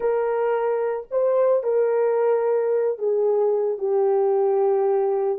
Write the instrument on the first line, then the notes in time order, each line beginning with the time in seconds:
horn
0.00 A#4
1.10 C5
1.63 A#4
2.98 G#4
3.78 G4